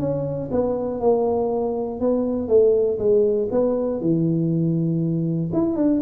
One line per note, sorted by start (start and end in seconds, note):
0.00 0.50 C#4
0.52 1.00 B3
1.00 2.00 A#3
2.00 2.48 B3
2.48 2.98 A3
2.99 3.49 G#3
3.51 4.01 B3
4.01 5.51 E3
5.53 5.76 E4
5.76 6.01 D4